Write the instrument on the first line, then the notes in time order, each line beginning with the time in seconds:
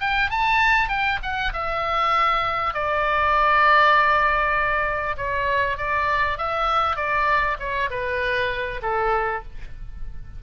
oboe
0.00 G5
0.30 A5
0.89 G5
1.23 F#5
1.53 E5
2.74 D5
5.17 C#5
5.77 D5
6.38 E5
6.96 D5
7.60 C#5
7.90 B4
8.82 A4